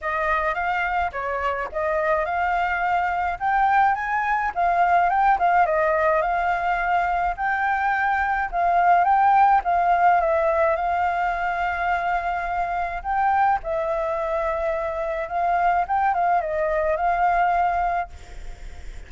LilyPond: \new Staff \with { instrumentName = "flute" } { \time 4/4 \tempo 4 = 106 dis''4 f''4 cis''4 dis''4 | f''2 g''4 gis''4 | f''4 g''8 f''8 dis''4 f''4~ | f''4 g''2 f''4 |
g''4 f''4 e''4 f''4~ | f''2. g''4 | e''2. f''4 | g''8 f''8 dis''4 f''2 | }